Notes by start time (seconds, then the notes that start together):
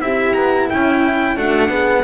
0.00 C4 E4 G4 E5
0.33 B3 A#5
0.70 C#4 E4 G5
1.36 A3 D4 F#4 F#5
1.69 B3 G#4